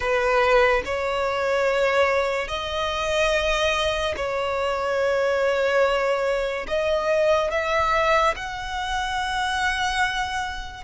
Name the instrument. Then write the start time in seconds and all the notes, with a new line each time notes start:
violin
0.00 B4
0.85 C#5
2.48 D#5
4.16 C#5
6.67 D#5
7.50 E5
8.36 F#5